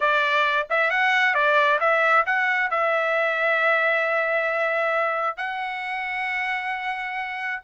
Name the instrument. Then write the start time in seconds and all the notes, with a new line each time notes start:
trumpet
0.00 D5
0.69 E5
0.90 F#5
1.34 D5
1.80 E5
2.26 F#5
2.70 E5
5.37 F#5